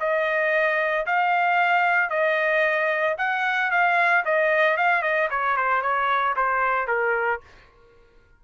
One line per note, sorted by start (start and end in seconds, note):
0.00 1.06 D#5
1.06 2.10 F5
2.10 3.17 D#5
3.18 3.71 F#5
3.71 4.25 F5
4.26 4.77 D#5
4.77 5.02 F5
5.02 5.29 D#5
5.30 5.57 C#5
5.57 5.82 C5
5.82 6.35 C#5
6.37 6.88 C5
6.88 7.41 A#4